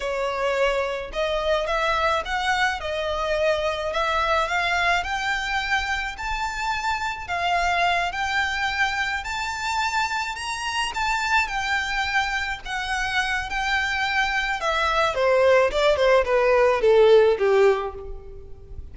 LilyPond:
\new Staff \with { instrumentName = "violin" } { \time 4/4 \tempo 4 = 107 cis''2 dis''4 e''4 | fis''4 dis''2 e''4 | f''4 g''2 a''4~ | a''4 f''4. g''4.~ |
g''8 a''2 ais''4 a''8~ | a''8 g''2 fis''4. | g''2 e''4 c''4 | d''8 c''8 b'4 a'4 g'4 | }